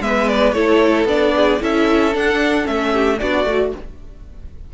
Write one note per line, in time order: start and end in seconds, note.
0.00 0.52 G#3
0.00 0.55 B3
0.00 0.55 B4
0.00 0.28 E5
0.28 0.52 D5
0.52 1.05 A3
0.52 1.08 E4
0.52 1.35 A4
0.52 1.05 C#5
1.05 1.58 B3
1.05 1.61 D4
1.05 1.62 D5
1.36 1.61 G#4
1.61 2.15 C#4
1.61 2.13 E4
1.61 2.92 A4
1.61 2.16 E5
2.13 2.63 D4
2.13 2.68 D4
2.13 2.67 F#5
2.63 3.21 A3
2.63 3.16 C#4
2.63 3.19 E5
2.92 3.19 G4
3.19 3.45 B3
3.19 3.46 D4
3.19 3.74 F#4
3.19 3.72 D5
3.45 3.71 A3
3.45 3.73 F#4